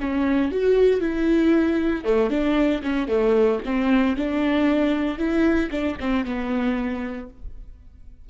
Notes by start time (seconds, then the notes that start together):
0.00 C#4
0.52 F#4
1.01 E4
2.04 A3
2.30 D4
2.83 C#4
3.08 A3
3.65 C4
4.16 D4
5.18 E4
5.71 D4
6.00 C4
6.25 B3